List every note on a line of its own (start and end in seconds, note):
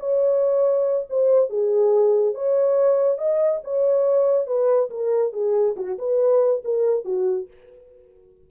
0.00 1.07 C#5
1.10 1.50 C5
1.50 2.35 G#4
2.35 3.19 C#5
3.19 3.62 D#5
3.64 4.47 C#5
4.47 4.90 B4
4.90 5.33 A#4
5.33 5.76 G#4
5.77 5.98 F#4
5.99 6.63 B4
6.65 7.05 A#4
7.05 7.48 F#4